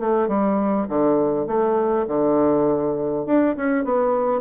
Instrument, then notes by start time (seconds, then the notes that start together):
bassoon
0.00 A3
0.28 G3
0.89 D3
1.47 A3
2.08 D3
3.26 D4
3.57 C#4
3.85 B3